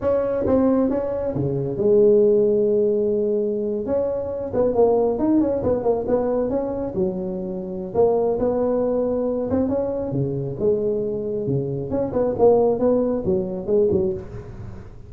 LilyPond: \new Staff \with { instrumentName = "tuba" } { \time 4/4 \tempo 4 = 136 cis'4 c'4 cis'4 cis4 | gis1~ | gis8. cis'4. b8 ais4 dis'16~ | dis'16 cis'8 b8 ais8 b4 cis'4 fis16~ |
fis2 ais4 b4~ | b4. c'8 cis'4 cis4 | gis2 cis4 cis'8 b8 | ais4 b4 fis4 gis8 fis8 | }